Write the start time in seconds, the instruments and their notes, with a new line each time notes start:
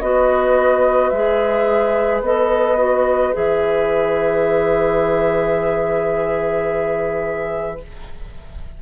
0.00 bassoon B3, clarinet F#4, oboe B4, flute D#5
1.09 bassoon G#3, clarinet G#4, flute E5
2.21 bassoon B3, clarinet A4, flute D#5
2.78 clarinet F#4
3.33 bassoon E3, clarinet G#4, flute E5